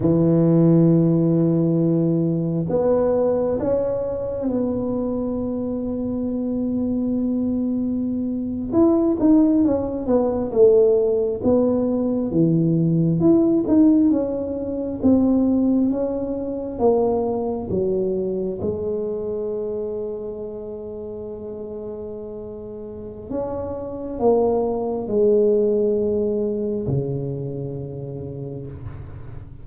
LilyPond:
\new Staff \with { instrumentName = "tuba" } { \time 4/4 \tempo 4 = 67 e2. b4 | cis'4 b2.~ | b4.~ b16 e'8 dis'8 cis'8 b8 a16~ | a8. b4 e4 e'8 dis'8 cis'16~ |
cis'8. c'4 cis'4 ais4 fis16~ | fis8. gis2.~ gis16~ | gis2 cis'4 ais4 | gis2 cis2 | }